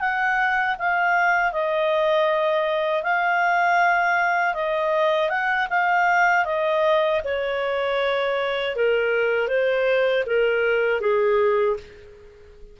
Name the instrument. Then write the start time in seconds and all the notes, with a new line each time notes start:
clarinet
0.00 F#5
0.79 F5
1.53 D#5
3.03 F5
4.54 D#5
5.30 F#5
5.70 F5
6.45 D#5
7.24 C#5
8.76 A#4
9.48 C5
10.26 A#4
11.01 G#4